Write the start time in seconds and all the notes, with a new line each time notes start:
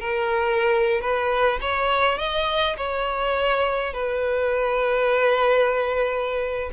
0.00 A#4
1.01 B4
1.61 C#5
2.18 D#5
2.77 C#5
3.93 B4